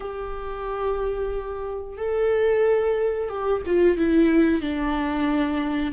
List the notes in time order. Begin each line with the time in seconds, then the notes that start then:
0.00 G4
1.97 A4
3.29 G4
3.66 F4
3.97 E4
4.61 D4